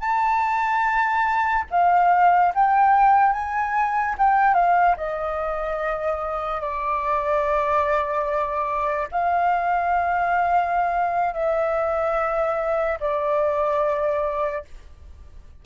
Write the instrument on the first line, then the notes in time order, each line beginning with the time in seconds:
flute
0.00 A5
1.70 F5
2.54 G5
3.33 G#5
4.18 G5
4.54 F5
4.97 D#5
6.61 D5
9.11 F5
11.33 E5
13.00 D5